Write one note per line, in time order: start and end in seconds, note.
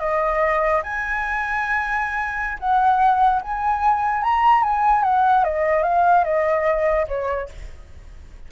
0.00 0.82 D#5
0.83 2.58 G#5
2.60 3.42 F#5
3.42 4.23 G#5
4.23 4.63 A#5
4.63 5.03 G#5
5.03 5.45 F#5
5.45 5.84 D#5
5.84 6.25 F5
6.25 7.07 D#5
7.08 7.49 C#5